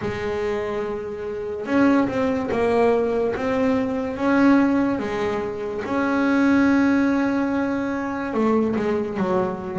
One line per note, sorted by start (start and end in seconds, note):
0.01 1.66 G#3
1.66 2.07 C#4
2.08 2.49 C4
2.51 3.34 A#3
3.35 4.17 C4
4.17 4.99 C#4
4.99 5.82 G#3
5.84 8.33 C#4
8.33 8.75 A3
8.76 9.17 G#3
9.17 9.78 F#3